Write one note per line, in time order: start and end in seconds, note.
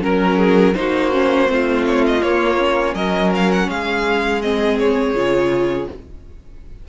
0.00 0.75 F#3
0.00 0.73 C#4
0.00 0.37 A#4
0.00 0.75 A#4
0.37 0.74 G#4
0.75 1.49 A#3
0.75 1.12 D#4
0.75 1.52 F#4
0.75 1.85 C5
1.12 1.46 C#4
1.46 2.22 A3
1.46 2.20 C4
1.46 2.95 F4
1.86 2.05 C#5
2.06 2.22 D#5
2.22 2.58 A#3
2.22 2.94 A#3
2.22 2.94 C#5
2.58 4.41 C#4
2.94 3.67 F#3
2.94 3.68 A#4
2.94 3.31 D#5
3.35 3.51 F5
3.51 3.69 F#5
3.68 5.14 G#3
3.68 5.88 G#4
3.68 4.41 F5
4.41 5.15 C4
4.41 4.78 D#5
4.79 5.88 C#5
5.14 5.87 C#3
5.14 5.88 F4